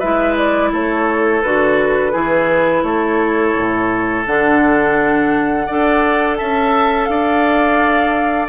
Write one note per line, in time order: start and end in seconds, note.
0.00 0.73 G#3
0.00 1.44 E4
0.00 0.71 B4
0.00 0.35 E5
0.37 0.72 D5
0.72 1.43 A3
0.72 2.12 A4
0.72 1.43 C#5
1.43 2.14 D3
1.43 2.13 F#4
1.43 2.84 B4
2.12 2.83 E3
2.12 4.25 E4
2.12 2.83 G#4
2.83 3.54 A3
2.83 5.67 A4
2.83 4.25 C#5
3.57 4.27 A2
4.26 5.68 D3
4.26 5.69 D4
4.26 6.37 F#5
5.67 6.41 D4
5.67 8.49 A4
5.67 6.38 D5
6.37 7.09 C#4
6.37 7.09 E5
6.37 7.06 A5
7.06 8.49 D4
7.06 8.49 D5
7.06 8.47 F5